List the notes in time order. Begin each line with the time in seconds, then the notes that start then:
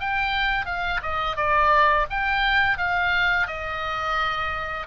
0.00 G5
0.66 F5
1.02 D#5
1.36 D5
2.10 G5
2.77 F5
3.47 D#5